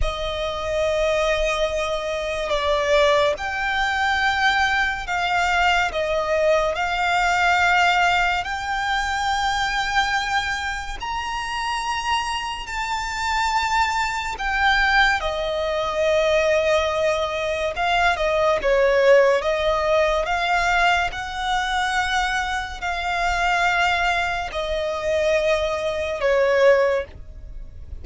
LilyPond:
\new Staff \with { instrumentName = "violin" } { \time 4/4 \tempo 4 = 71 dis''2. d''4 | g''2 f''4 dis''4 | f''2 g''2~ | g''4 ais''2 a''4~ |
a''4 g''4 dis''2~ | dis''4 f''8 dis''8 cis''4 dis''4 | f''4 fis''2 f''4~ | f''4 dis''2 cis''4 | }